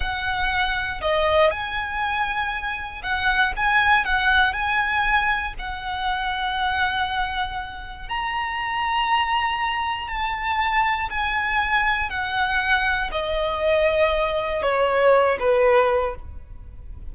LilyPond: \new Staff \with { instrumentName = "violin" } { \time 4/4 \tempo 4 = 119 fis''2 dis''4 gis''4~ | gis''2 fis''4 gis''4 | fis''4 gis''2 fis''4~ | fis''1 |
ais''1 | a''2 gis''2 | fis''2 dis''2~ | dis''4 cis''4. b'4. | }